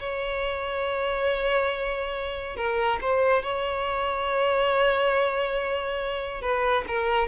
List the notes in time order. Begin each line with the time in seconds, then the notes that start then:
0.00 C#5
2.57 A#4
3.02 C5
3.43 C#5
6.42 B4
6.88 A#4